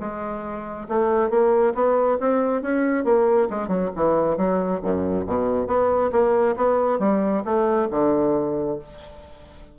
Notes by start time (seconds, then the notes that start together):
0.00 G#3
0.88 A3
1.30 A#3
1.74 B3
2.20 C4
2.62 C#4
3.05 A#3
3.50 G#3
3.68 F#3
3.96 E3
4.37 F#3
4.83 F#2
5.27 B2
5.67 B3
6.12 A#3
6.56 B3
7.00 G3
7.45 A3
7.91 D3